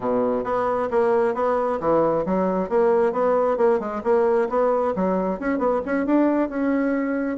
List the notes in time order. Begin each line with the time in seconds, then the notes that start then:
0.00 B2
0.44 B3
0.91 A#3
1.34 B3
1.80 E3
2.25 F#3
2.69 A#3
3.12 B3
3.57 A#3
3.79 G#3
4.03 A#3
4.49 B3
4.95 F#3
5.39 C#4
5.58 B3
5.85 C#4
6.05 D4
6.49 C#4